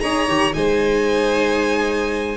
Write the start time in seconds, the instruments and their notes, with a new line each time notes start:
0.00 tuba D#4, viola G#4, violin C#5 A#5
0.28 tuba D#3, viola G4
0.52 tuba G#3, viola D#4, violin C5 G#5